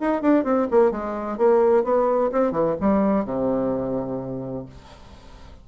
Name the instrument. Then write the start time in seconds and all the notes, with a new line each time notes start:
bassoon
0.00 D#4
0.22 D4
0.44 C4
0.71 A#3
0.91 G#3
1.37 A#3
1.83 B3
2.32 C4
2.51 E3
2.80 G3
3.25 C3